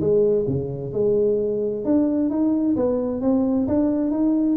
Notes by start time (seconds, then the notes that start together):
0.00 G#3
0.47 C#3
0.93 G#3
1.85 D4
2.30 D#4
2.76 B3
3.21 C4
3.67 D4
4.11 D#4